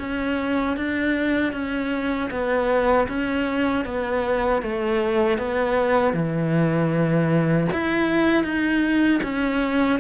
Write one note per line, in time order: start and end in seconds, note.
0.00 0.77 C#4
0.77 1.53 D4
1.53 2.30 C#4
2.31 3.08 B3
3.09 3.86 C#4
3.86 4.63 B3
4.63 5.39 A3
5.39 6.14 B3
6.14 7.68 E3
7.73 8.44 E4
8.44 9.21 D#4
9.23 10.00 C#4